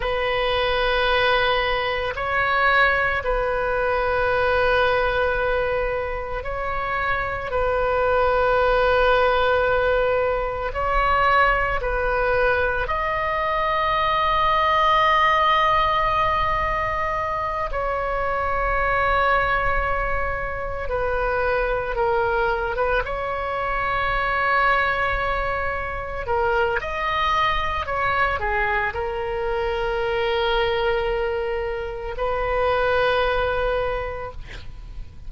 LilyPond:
\new Staff \with { instrumentName = "oboe" } { \time 4/4 \tempo 4 = 56 b'2 cis''4 b'4~ | b'2 cis''4 b'4~ | b'2 cis''4 b'4 | dis''1~ |
dis''8 cis''2. b'8~ | b'8 ais'8. b'16 cis''2~ cis''8~ | cis''8 ais'8 dis''4 cis''8 gis'8 ais'4~ | ais'2 b'2 | }